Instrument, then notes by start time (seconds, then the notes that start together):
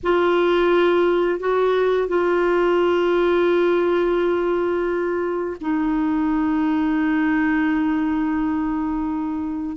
clarinet
0.03 F4
1.40 F#4
2.07 F4
5.60 D#4